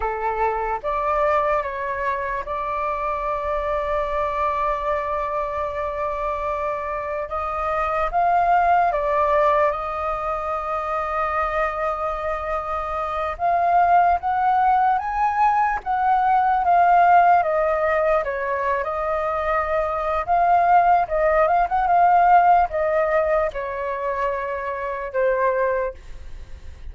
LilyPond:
\new Staff \with { instrumentName = "flute" } { \time 4/4 \tempo 4 = 74 a'4 d''4 cis''4 d''4~ | d''1~ | d''4 dis''4 f''4 d''4 | dis''1~ |
dis''8 f''4 fis''4 gis''4 fis''8~ | fis''8 f''4 dis''4 cis''8. dis''8.~ | dis''4 f''4 dis''8 f''16 fis''16 f''4 | dis''4 cis''2 c''4 | }